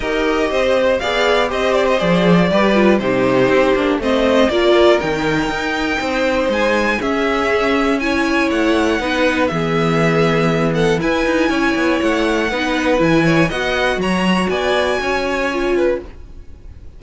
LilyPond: <<
  \new Staff \with { instrumentName = "violin" } { \time 4/4 \tempo 4 = 120 dis''2 f''4 dis''8 d''16 dis''16 | d''2 c''2 | dis''4 d''4 g''2~ | g''4 gis''4 e''2 |
gis''4 fis''2 e''4~ | e''4. fis''8 gis''2 | fis''2 gis''4 fis''4 | ais''4 gis''2. | }
  \new Staff \with { instrumentName = "violin" } { \time 4/4 ais'4 c''4 d''4 c''4~ | c''4 b'4 g'2 | c''4 ais'2. | c''2 gis'2 |
cis''2 b'4 gis'4~ | gis'4. a'8 b'4 cis''4~ | cis''4 b'4. cis''8 dis''4 | cis''4 d''4 cis''4. b'8 | }
  \new Staff \with { instrumentName = "viola" } { \time 4/4 g'2 gis'4 g'4 | gis'4 g'8 f'8 dis'4. d'8 | c'4 f'4 dis'2~ | dis'2 cis'2 |
e'2 dis'4 b4~ | b2 e'2~ | e'4 dis'4 e'4 fis'4~ | fis'2. f'4 | }
  \new Staff \with { instrumentName = "cello" } { \time 4/4 dis'4 c'4 b4 c'4 | f4 g4 c4 c'8 ais8 | a4 ais4 dis4 dis'4 | c'4 gis4 cis'2~ |
cis'4 a4 b4 e4~ | e2 e'8 dis'8 cis'8 b8 | a4 b4 e4 b4 | fis4 b4 cis'2 | }
>>